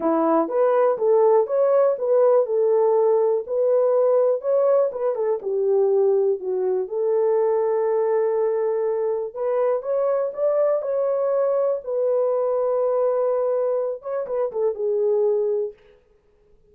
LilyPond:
\new Staff \with { instrumentName = "horn" } { \time 4/4 \tempo 4 = 122 e'4 b'4 a'4 cis''4 | b'4 a'2 b'4~ | b'4 cis''4 b'8 a'8 g'4~ | g'4 fis'4 a'2~ |
a'2. b'4 | cis''4 d''4 cis''2 | b'1~ | b'8 cis''8 b'8 a'8 gis'2 | }